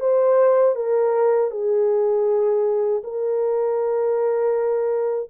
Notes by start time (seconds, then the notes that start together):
0.00 C5
0.76 A#4
1.51 G#4
3.03 A#4